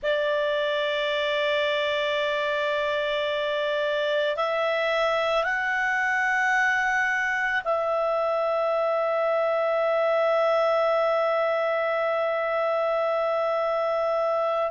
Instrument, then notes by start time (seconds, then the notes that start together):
clarinet
0.02 D5
4.36 E5
5.43 F#5
7.64 E5